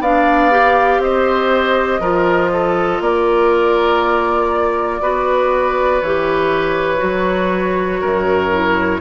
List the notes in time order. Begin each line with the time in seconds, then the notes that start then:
0.00 B3 D4 D5 F5
0.51 G4
0.98 C4 C5 D#5
2.00 F3 F4 A#4
2.52 A4
3.00 A#3 A#4 D5
5.01 B3 F#4 B4
6.01 E3 G4 C#5
6.97 F#3 F#4
8.00 F#2 A#4
8.53 E4